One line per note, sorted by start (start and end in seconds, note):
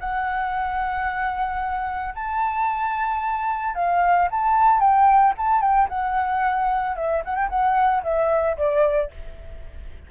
0.00 2.14 F#5
2.15 3.75 A5
3.75 4.28 F5
4.31 4.80 A5
4.80 5.34 G5
5.38 5.61 A5
5.61 5.88 G5
5.89 6.96 F#5
6.96 7.23 E5
7.25 7.35 F#5
7.35 7.49 G5
7.49 8.03 F#5
8.03 8.57 E5
8.57 9.11 D5